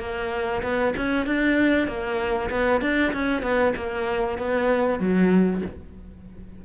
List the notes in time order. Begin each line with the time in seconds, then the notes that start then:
0.00 A#3
0.63 B3
0.97 C#4
1.27 D4
1.88 A#3
2.51 B3
2.82 D4
3.14 C#4
3.43 B3
3.77 A#3
4.39 B3
5.00 F#3